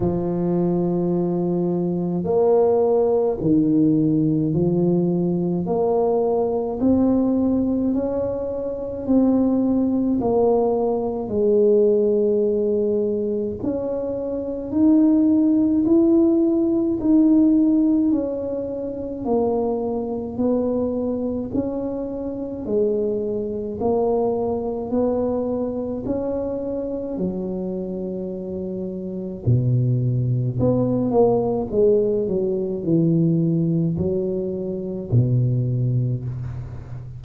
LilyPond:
\new Staff \with { instrumentName = "tuba" } { \time 4/4 \tempo 4 = 53 f2 ais4 dis4 | f4 ais4 c'4 cis'4 | c'4 ais4 gis2 | cis'4 dis'4 e'4 dis'4 |
cis'4 ais4 b4 cis'4 | gis4 ais4 b4 cis'4 | fis2 b,4 b8 ais8 | gis8 fis8 e4 fis4 b,4 | }